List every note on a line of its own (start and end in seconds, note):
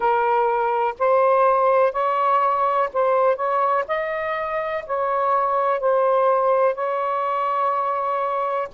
0.00 0.94 A#4
0.99 1.92 C5
1.92 2.89 C#5
2.93 3.36 C5
3.36 3.84 C#5
3.87 4.84 D#5
4.86 5.79 C#5
5.79 6.75 C5
6.75 8.68 C#5